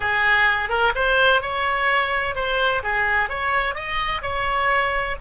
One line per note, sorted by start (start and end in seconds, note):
0.00 0.69 G#4
0.69 0.92 A#4
0.95 1.41 C5
1.41 2.35 C#5
2.35 2.82 C5
2.83 3.29 G#4
3.29 3.74 C#5
3.74 4.21 D#5
4.22 5.16 C#5